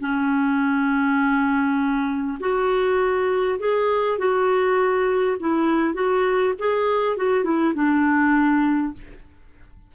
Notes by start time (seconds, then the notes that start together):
0.00 C#4
2.40 F#4
3.59 G#4
4.18 F#4
5.39 E4
5.94 F#4
6.58 G#4
7.16 F#4
7.43 E4
7.74 D4